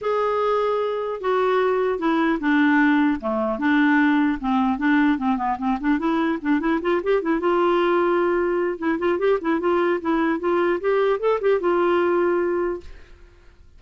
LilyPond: \new Staff \with { instrumentName = "clarinet" } { \time 4/4 \tempo 4 = 150 gis'2. fis'4~ | fis'4 e'4 d'2 | a4 d'2 c'4 | d'4 c'8 b8 c'8 d'8 e'4 |
d'8 e'8 f'8 g'8 e'8 f'4.~ | f'2 e'8 f'8 g'8 e'8 | f'4 e'4 f'4 g'4 | a'8 g'8 f'2. | }